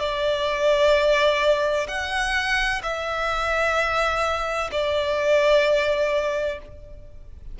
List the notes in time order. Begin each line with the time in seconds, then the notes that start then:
0.00 D5
1.88 F#5
2.83 E5
4.72 D5